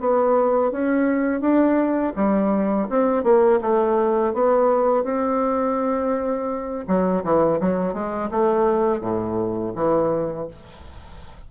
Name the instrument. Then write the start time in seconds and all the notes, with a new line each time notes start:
bassoon
0.00 B3
0.72 C#4
1.41 D4
2.16 G3
2.90 C4
3.24 A#3
3.61 A3
4.34 B3
5.04 C4
6.88 F#3
7.24 E3
7.61 F#3
7.94 G#3
8.31 A3
9.01 A2
9.76 E3